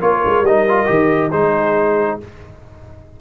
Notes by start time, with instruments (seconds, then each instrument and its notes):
0.00 tuba A#3, trombone F4, horn A#4, trumpet C#5
0.25 tuba G#3
0.42 tuba G3, trombone D#4, trumpet D#5
0.68 trombone F4
0.86 tuba D#3, trombone G4
1.31 tuba G#3, trombone D#4, horn G#4, trumpet C5